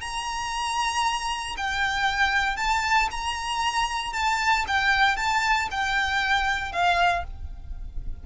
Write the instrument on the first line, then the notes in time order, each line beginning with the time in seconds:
violin
0.00 A#5
1.57 G5
2.56 A5
3.11 A#5
4.13 A5
4.67 G5
5.16 A5
5.70 G5
6.72 F5